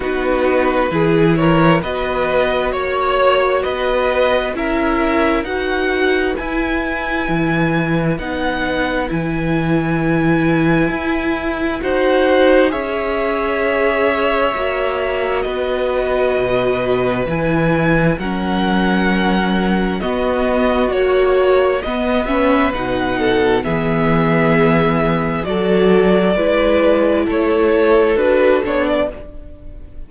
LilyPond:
<<
  \new Staff \with { instrumentName = "violin" } { \time 4/4 \tempo 4 = 66 b'4. cis''8 dis''4 cis''4 | dis''4 e''4 fis''4 gis''4~ | gis''4 fis''4 gis''2~ | gis''4 fis''4 e''2~ |
e''4 dis''2 gis''4 | fis''2 dis''4 cis''4 | dis''8 e''8 fis''4 e''2 | d''2 cis''4 b'8 cis''16 d''16 | }
  \new Staff \with { instrumentName = "violin" } { \time 4/4 fis'4 gis'8 ais'8 b'4 cis''4 | b'4 ais'4 b'2~ | b'1~ | b'4 c''4 cis''2~ |
cis''4 b'2. | ais'2 fis'2 | b'4. a'8 gis'2 | a'4 b'4 a'2 | }
  \new Staff \with { instrumentName = "viola" } { \time 4/4 dis'4 e'4 fis'2~ | fis'4 e'4 fis'4 e'4~ | e'4 dis'4 e'2~ | e'4 fis'4 gis'2 |
fis'2. e'4 | cis'2 b4 fis'4 | b8 cis'8 dis'4 b2 | fis'4 e'2 fis'8 d'8 | }
  \new Staff \with { instrumentName = "cello" } { \time 4/4 b4 e4 b4 ais4 | b4 cis'4 dis'4 e'4 | e4 b4 e2 | e'4 dis'4 cis'2 |
ais4 b4 b,4 e4 | fis2 b4 ais4 | b4 b,4 e2 | fis4 gis4 a4 d'8 b8 | }
>>